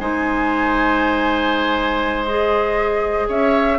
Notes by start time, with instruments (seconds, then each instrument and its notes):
0.00 bassoon G#3, clarinet D#4, oboe C5, flute G#5
2.26 clarinet G#4, flute D#5
3.29 bassoon C#4, oboe C#5, flute E5